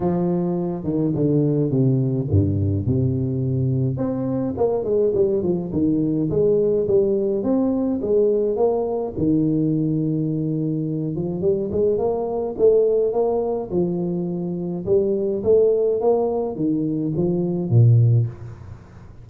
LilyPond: \new Staff \with { instrumentName = "tuba" } { \time 4/4 \tempo 4 = 105 f4. dis8 d4 c4 | g,4 c2 c'4 | ais8 gis8 g8 f8 dis4 gis4 | g4 c'4 gis4 ais4 |
dis2.~ dis8 f8 | g8 gis8 ais4 a4 ais4 | f2 g4 a4 | ais4 dis4 f4 ais,4 | }